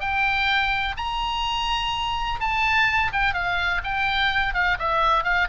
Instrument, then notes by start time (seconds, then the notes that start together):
oboe
0.00 G5
0.97 A#5
2.40 A5
3.12 G5
3.33 F5
3.84 G5
4.54 F5
4.79 E5
5.24 F5